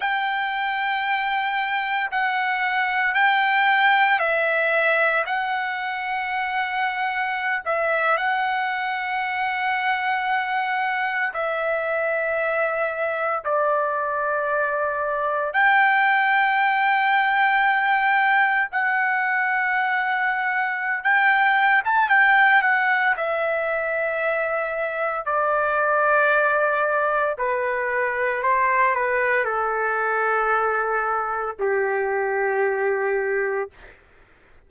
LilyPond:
\new Staff \with { instrumentName = "trumpet" } { \time 4/4 \tempo 4 = 57 g''2 fis''4 g''4 | e''4 fis''2~ fis''16 e''8 fis''16~ | fis''2~ fis''8. e''4~ e''16~ | e''8. d''2 g''4~ g''16~ |
g''4.~ g''16 fis''2~ fis''16 | g''8. a''16 g''8 fis''8 e''2 | d''2 b'4 c''8 b'8 | a'2 g'2 | }